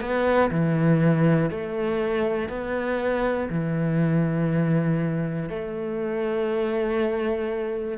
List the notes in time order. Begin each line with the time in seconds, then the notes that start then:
0.00 B3
0.50 E3
1.50 A3
2.48 B3
3.50 E3
5.49 A3